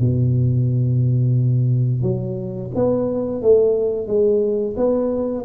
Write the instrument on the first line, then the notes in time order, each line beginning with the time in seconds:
tuba
0.00 B2
2.03 F#3
2.75 B3
3.42 A3
4.07 G#3
4.77 B3